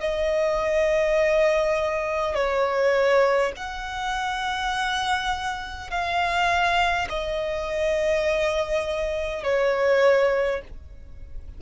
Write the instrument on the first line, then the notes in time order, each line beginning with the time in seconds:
violin
0.00 D#5
2.34 C#5
3.56 F#5
5.90 F5
7.09 D#5
9.43 C#5